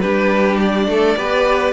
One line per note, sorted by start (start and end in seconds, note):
0.00 0.87 G3
0.00 1.17 D4
0.00 0.87 G4
0.00 0.57 B4
0.60 1.73 D5
0.87 1.16 A3
0.87 1.17 A4
1.17 1.73 B3
1.17 1.73 G4
1.17 1.73 B4